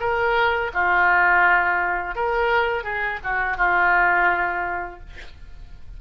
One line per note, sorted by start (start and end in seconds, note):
0.00 0.71 A#4
0.74 2.15 F4
2.15 2.84 A#4
2.84 3.19 G#4
3.24 3.57 F#4
3.57 5.00 F4